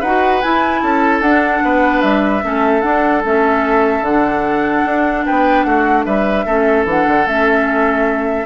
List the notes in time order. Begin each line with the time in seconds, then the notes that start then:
0.00 D#4 F#4 B4 F#5
0.42 E4 G#5
0.82 C#4 A4 A5
1.21 D4 F#5
1.64 B3 B4
2.01 G3 E5
2.42 A3 C#4 A4
2.81 D4 F#5
3.24 A3 C#4 E5
4.01 D3 F#5
4.07 D4
4.85 D4
5.26 B3 B4 G5
5.64 A3 F#4 F#5
6.05 G3 B4 E5
6.45 A3 C#4 A4
6.85 E3 D4 F#5
7.08 D3
7.26 A3 C#4 E5